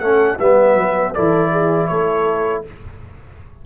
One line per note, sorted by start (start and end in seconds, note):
0.00 0.38 A3
0.00 0.39 C#4
0.00 0.40 A4
0.00 0.38 F#5
0.40 0.75 G3
0.40 1.15 B3
0.40 1.15 B4
0.40 1.15 E5
0.75 1.12 F#3
1.15 1.90 E3
1.15 2.65 E4
1.15 1.52 A4
1.15 1.88 D5
1.52 1.90 G#4
1.88 2.65 A3
1.88 2.66 A4
1.88 2.62 C#5